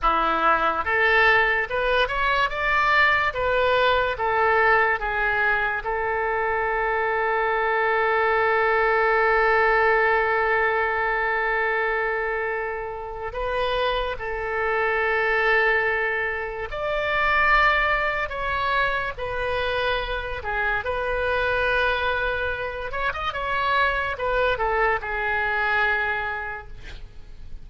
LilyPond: \new Staff \with { instrumentName = "oboe" } { \time 4/4 \tempo 4 = 72 e'4 a'4 b'8 cis''8 d''4 | b'4 a'4 gis'4 a'4~ | a'1~ | a'1 |
b'4 a'2. | d''2 cis''4 b'4~ | b'8 gis'8 b'2~ b'8 cis''16 dis''16 | cis''4 b'8 a'8 gis'2 | }